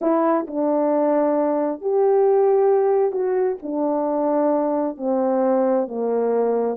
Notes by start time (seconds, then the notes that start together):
0.01 E4
0.47 D4
1.81 G4
3.11 F#4
3.62 D4
4.97 C4
5.87 A#3